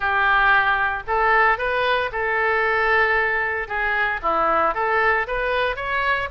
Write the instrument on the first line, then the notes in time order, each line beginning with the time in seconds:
oboe
0.00 G4
1.07 A4
1.58 B4
2.12 A4
3.67 G#4
4.22 E4
4.74 A4
5.27 B4
5.76 C#5